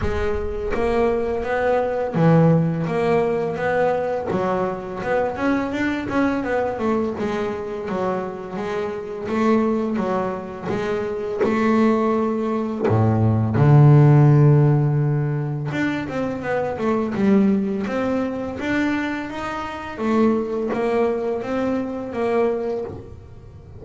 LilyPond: \new Staff \with { instrumentName = "double bass" } { \time 4/4 \tempo 4 = 84 gis4 ais4 b4 e4 | ais4 b4 fis4 b8 cis'8 | d'8 cis'8 b8 a8 gis4 fis4 | gis4 a4 fis4 gis4 |
a2 a,4 d4~ | d2 d'8 c'8 b8 a8 | g4 c'4 d'4 dis'4 | a4 ais4 c'4 ais4 | }